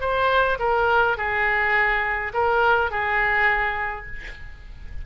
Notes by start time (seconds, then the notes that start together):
0.00 C5
0.59 A#4
1.17 G#4
2.33 A#4
2.90 G#4